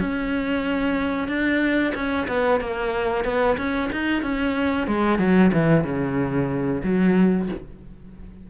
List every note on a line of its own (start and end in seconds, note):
0.00 1.28 C#4
1.28 1.93 D4
1.95 2.27 C#4
2.28 2.60 B3
2.60 3.24 A#3
3.24 3.57 B3
3.58 3.90 C#4
3.92 4.23 D#4
4.23 4.87 C#4
4.87 5.19 G#3
5.19 5.51 F#3
5.53 5.84 E3
5.84 6.82 C#3
6.83 7.48 F#3